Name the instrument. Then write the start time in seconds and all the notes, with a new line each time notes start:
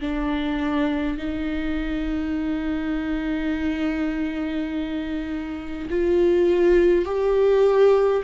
viola
0.00 D4
1.17 D#4
5.89 F4
7.05 G4